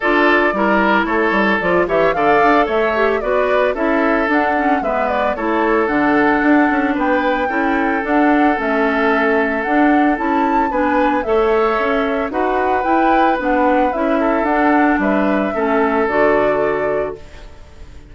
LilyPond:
<<
  \new Staff \with { instrumentName = "flute" } { \time 4/4 \tempo 4 = 112 d''2 cis''4 d''8 e''8 | f''4 e''4 d''4 e''4 | fis''4 e''8 d''8 cis''4 fis''4~ | fis''4 g''2 fis''4 |
e''2 fis''4 a''4 | gis''4 e''2 fis''4 | g''4 fis''4 e''4 fis''4 | e''2 d''2 | }
  \new Staff \with { instrumentName = "oboe" } { \time 4/4 a'4 ais'4 a'4. cis''8 | d''4 cis''4 b'4 a'4~ | a'4 b'4 a'2~ | a'4 b'4 a'2~ |
a'1 | b'4 cis''2 b'4~ | b'2~ b'8 a'4. | b'4 a'2. | }
  \new Staff \with { instrumentName = "clarinet" } { \time 4/4 f'4 e'2 f'8 g'8 | a'4. g'8 fis'4 e'4 | d'8 cis'8 b4 e'4 d'4~ | d'2 e'4 d'4 |
cis'2 d'4 e'4 | d'4 a'2 fis'4 | e'4 d'4 e'4 d'4~ | d'4 cis'4 fis'2 | }
  \new Staff \with { instrumentName = "bassoon" } { \time 4/4 d'4 g4 a8 g8 f8 e8 | d8 d'8 a4 b4 cis'4 | d'4 gis4 a4 d4 | d'8 cis'8 b4 cis'4 d'4 |
a2 d'4 cis'4 | b4 a4 cis'4 dis'4 | e'4 b4 cis'4 d'4 | g4 a4 d2 | }
>>